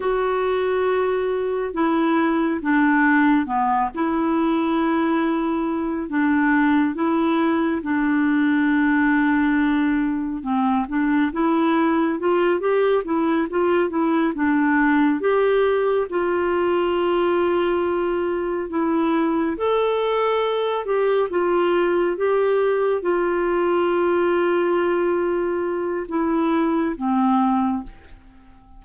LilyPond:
\new Staff \with { instrumentName = "clarinet" } { \time 4/4 \tempo 4 = 69 fis'2 e'4 d'4 | b8 e'2~ e'8 d'4 | e'4 d'2. | c'8 d'8 e'4 f'8 g'8 e'8 f'8 |
e'8 d'4 g'4 f'4.~ | f'4. e'4 a'4. | g'8 f'4 g'4 f'4.~ | f'2 e'4 c'4 | }